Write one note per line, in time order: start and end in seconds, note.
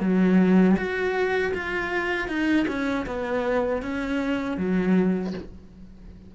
0.00 0.76 F#3
0.77 1.53 F#4
1.54 2.28 F4
2.28 2.66 D#4
2.68 3.06 C#4
3.06 3.82 B3
3.82 4.57 C#4
4.57 5.33 F#3